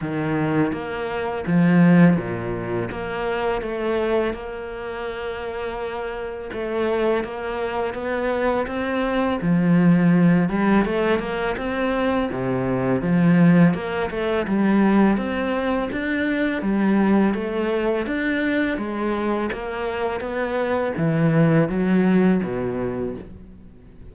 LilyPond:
\new Staff \with { instrumentName = "cello" } { \time 4/4 \tempo 4 = 83 dis4 ais4 f4 ais,4 | ais4 a4 ais2~ | ais4 a4 ais4 b4 | c'4 f4. g8 a8 ais8 |
c'4 c4 f4 ais8 a8 | g4 c'4 d'4 g4 | a4 d'4 gis4 ais4 | b4 e4 fis4 b,4 | }